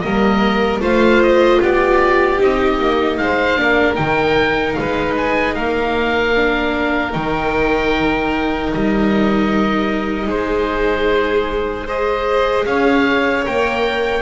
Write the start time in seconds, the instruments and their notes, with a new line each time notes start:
0.00 double bass G3, viola A#3, violin A#4, oboe D#5
0.80 double bass A3, viola F4, violin C5, oboe F5
1.22 oboe D#5
1.59 double bass B3, violin G4, oboe D5
2.39 double bass C4, viola D#4, oboe D#5
2.79 double bass A#3
3.17 double bass G#3, violin C5, oboe F5
3.56 double bass A#3, viola D4, violin A#4
3.94 double bass D#3, viola D#4, oboe G5
4.74 double bass G#3, violin B4, oboe F5
5.16 oboe G#5
5.54 double bass A#3, violin A#4, oboe F5
6.35 viola D4
7.12 double bass D#3, viola D#4, oboe G5
8.74 double bass G3, oboe D#5
10.27 double bass G#3, violin G#4, oboe C5
11.86 viola G#4, violin C5, oboe D#5
12.65 double bass C#4, violin C#5, oboe F5
13.44 double bass A#3, viola A#4, oboe G5